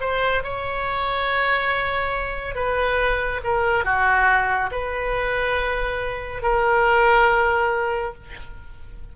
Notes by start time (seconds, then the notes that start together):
0.00 C5
0.43 C#5
2.55 B4
3.43 A#4
3.84 F#4
4.71 B4
6.42 A#4